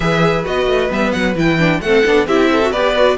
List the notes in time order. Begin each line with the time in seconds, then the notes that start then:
0.00 E3 G#4 B4 E5
0.44 B3 F#4 D#5
0.66 A3
0.89 G3 B3 E5
1.11 F#3 F#5
1.35 E3 E4 G5
1.58 D4
1.80 A3 C4 A4 F#5
2.05 B3 D4
2.26 C4 E4 G4 E5
2.51 A4
2.62 F#4
2.71 B3 G4 B4 D5
2.95 F#4